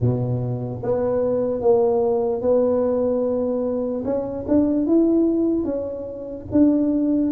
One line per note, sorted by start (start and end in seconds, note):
0.00 0.81 B2
0.82 1.61 B3
1.61 2.41 A#3
2.41 4.03 B3
4.04 4.45 C#4
4.48 4.86 D4
4.86 5.64 E4
5.64 6.45 C#4
6.51 7.32 D4